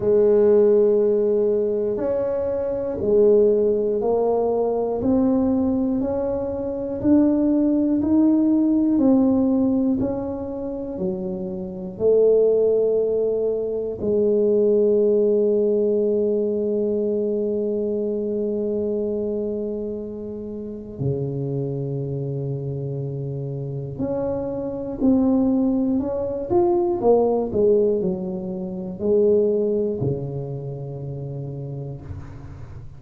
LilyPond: \new Staff \with { instrumentName = "tuba" } { \time 4/4 \tempo 4 = 60 gis2 cis'4 gis4 | ais4 c'4 cis'4 d'4 | dis'4 c'4 cis'4 fis4 | a2 gis2~ |
gis1~ | gis4 cis2. | cis'4 c'4 cis'8 f'8 ais8 gis8 | fis4 gis4 cis2 | }